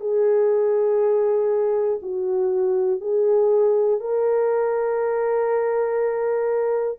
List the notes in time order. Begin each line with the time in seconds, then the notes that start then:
0.00 G#4
2.02 F#4
3.00 G#4
4.00 A#4